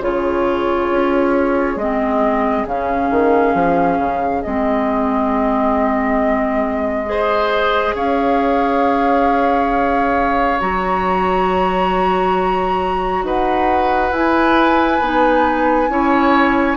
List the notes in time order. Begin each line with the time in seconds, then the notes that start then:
0.00 C#3 F4 G#4 C#5
0.90 C#4
1.76 G#3 C4 D#5
2.65 C#3 C#4 F5
3.10 D#3
3.54 F3
3.98 C#3
4.42 G#3 C4 D#5
7.05 G#4 C5
7.94 C#4 C#5 F5
10.60 F#3 F#4 A#5
13.22 D#4 B4 F#5
14.11 E4 G#5
15.00 B3 D#4
15.88 C#4 E4 C#5